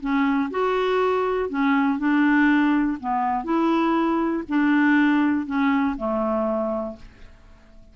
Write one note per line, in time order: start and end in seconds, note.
0.00 0.50 C#4
0.50 1.49 F#4
1.49 1.98 C#4
1.98 2.98 D4
3.00 3.44 B3
3.44 4.43 E4
4.48 5.46 D4
5.46 5.95 C#4
5.97 6.96 A3